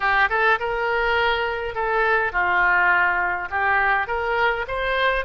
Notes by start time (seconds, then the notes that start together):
0.00 G4
0.29 A4
0.59 A#4
1.74 A4
2.32 F4
3.50 G4
4.07 A#4
4.67 C5